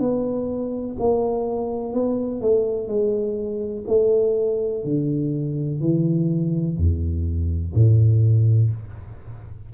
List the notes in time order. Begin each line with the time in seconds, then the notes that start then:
0.00 B3
0.99 A#3
1.94 B3
2.41 A3
2.88 G#3
3.88 A3
4.84 D3
5.81 E3
6.77 E2
7.74 A2